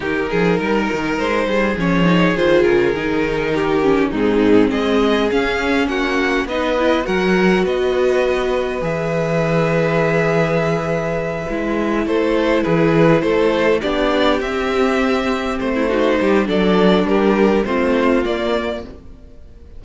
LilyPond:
<<
  \new Staff \with { instrumentName = "violin" } { \time 4/4 \tempo 4 = 102 ais'2 c''4 cis''4 | c''8 ais'2~ ais'8 gis'4 | dis''4 f''4 fis''4 dis''4 | fis''4 dis''2 e''4~ |
e''1~ | e''8 c''4 b'4 c''4 d''8~ | d''8 e''2 c''4. | d''4 ais'4 c''4 d''4 | }
  \new Staff \with { instrumentName = "violin" } { \time 4/4 g'8 gis'8 ais'4. gis'4.~ | gis'2 g'4 dis'4 | gis'2 fis'4 b'4 | ais'4 b'2.~ |
b'1~ | b'8 a'4 gis'4 a'4 g'8~ | g'2~ g'8. e'16 fis'8 g'8 | a'4 g'4 f'2 | }
  \new Staff \with { instrumentName = "viola" } { \time 4/4 dis'2. cis'8 dis'8 | f'4 dis'4. cis'8 c'4~ | c'4 cis'2 dis'8 e'8 | fis'2. gis'4~ |
gis'2.~ gis'8 e'8~ | e'2.~ e'8 d'8~ | d'8 c'2~ c'8 dis'4 | d'2 c'4 ais4 | }
  \new Staff \with { instrumentName = "cello" } { \time 4/4 dis8 f8 g8 dis8 gis8 g8 f4 | dis8 cis8 dis2 gis,4 | gis4 cis'4 ais4 b4 | fis4 b2 e4~ |
e2.~ e8 gis8~ | gis8 a4 e4 a4 b8~ | b8 c'2 a4 g8 | fis4 g4 a4 ais4 | }
>>